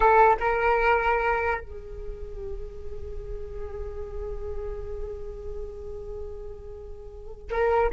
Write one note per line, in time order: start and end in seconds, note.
0.00 0.36 A4
0.40 1.61 A#4
1.61 7.48 G#4
7.50 7.91 A#4